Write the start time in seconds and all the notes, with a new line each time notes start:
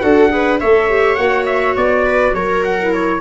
0.00 D4 F#4 A4 F#5
0.29 G#4 B4
0.60 A3 A4 C#5 E5
0.89 G4
1.15 A#3 F#4 F#5
1.46 E5
1.76 B3 D5
2.05 B4
2.33 F#3 A#4 C#5
2.64 F#5
2.80 E4
2.93 C#5